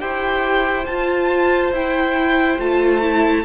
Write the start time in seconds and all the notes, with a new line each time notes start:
0.00 E4 G4 C5 G5
0.86 F4 A5
1.72 E4 G5
2.59 A3 F4 A5
3.02 E4